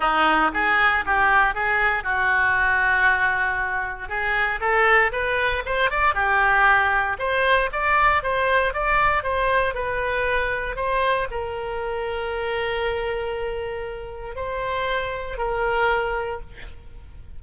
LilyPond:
\new Staff \with { instrumentName = "oboe" } { \time 4/4 \tempo 4 = 117 dis'4 gis'4 g'4 gis'4 | fis'1 | gis'4 a'4 b'4 c''8 d''8 | g'2 c''4 d''4 |
c''4 d''4 c''4 b'4~ | b'4 c''4 ais'2~ | ais'1 | c''2 ais'2 | }